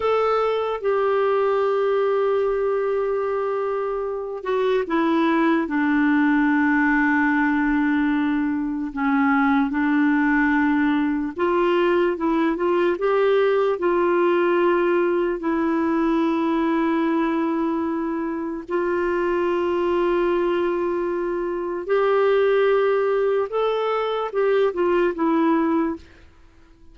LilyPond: \new Staff \with { instrumentName = "clarinet" } { \time 4/4 \tempo 4 = 74 a'4 g'2.~ | g'4. fis'8 e'4 d'4~ | d'2. cis'4 | d'2 f'4 e'8 f'8 |
g'4 f'2 e'4~ | e'2. f'4~ | f'2. g'4~ | g'4 a'4 g'8 f'8 e'4 | }